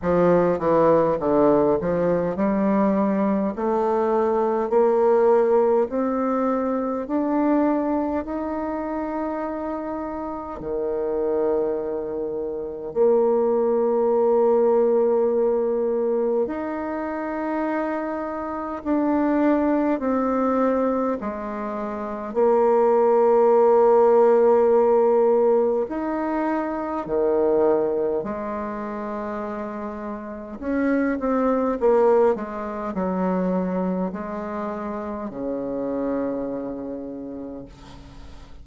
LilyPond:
\new Staff \with { instrumentName = "bassoon" } { \time 4/4 \tempo 4 = 51 f8 e8 d8 f8 g4 a4 | ais4 c'4 d'4 dis'4~ | dis'4 dis2 ais4~ | ais2 dis'2 |
d'4 c'4 gis4 ais4~ | ais2 dis'4 dis4 | gis2 cis'8 c'8 ais8 gis8 | fis4 gis4 cis2 | }